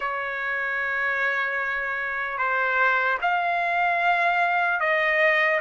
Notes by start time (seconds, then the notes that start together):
0.00 C#5
2.38 C5
3.21 F5
4.80 D#5